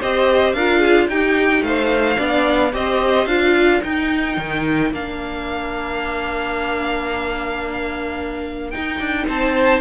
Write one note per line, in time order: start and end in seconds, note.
0.00 0.54 C4
0.00 0.57 G4
0.00 0.55 C5
0.00 0.53 D#5
0.53 1.09 D4
0.53 1.11 F4
0.53 0.80 A#4
0.53 1.07 F5
0.80 1.07 G#4
1.09 1.62 D#4
1.09 2.17 D#4
1.09 1.65 G4
1.09 1.63 G5
1.62 2.16 A3
1.62 2.17 C5
1.62 2.72 F5
2.17 2.74 B3
2.17 2.71 D4
2.17 2.72 D5
2.73 3.27 C4
2.73 3.27 G4
2.73 3.57 C5
2.73 3.27 D#5
3.27 3.81 D4
3.27 3.82 F4
3.27 3.81 F5
3.57 9.28 A#4
3.83 4.92 D#4
3.83 4.37 D#4
3.83 4.93 G5
4.37 4.92 D#3
4.92 8.74 A#3
4.92 8.73 D4
4.92 8.70 F5
8.70 9.81 D#4
8.70 9.00 D#4
8.70 9.25 G5
9.00 9.27 D4
9.28 9.81 C4
9.28 9.81 C5
9.28 9.81 A5